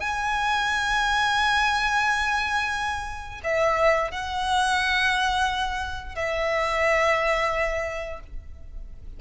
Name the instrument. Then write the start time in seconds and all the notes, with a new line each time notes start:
violin
0.00 G#5
3.43 E5
4.11 F#5
6.15 E5